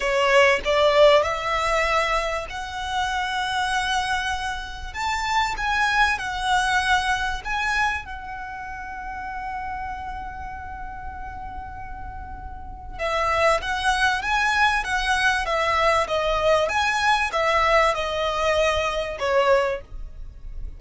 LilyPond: \new Staff \with { instrumentName = "violin" } { \time 4/4 \tempo 4 = 97 cis''4 d''4 e''2 | fis''1 | a''4 gis''4 fis''2 | gis''4 fis''2.~ |
fis''1~ | fis''4 e''4 fis''4 gis''4 | fis''4 e''4 dis''4 gis''4 | e''4 dis''2 cis''4 | }